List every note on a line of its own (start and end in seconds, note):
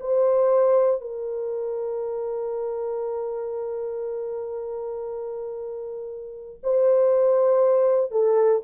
0.00 1.01 C5
1.01 6.60 A#4
6.63 8.11 C5
8.11 8.62 A4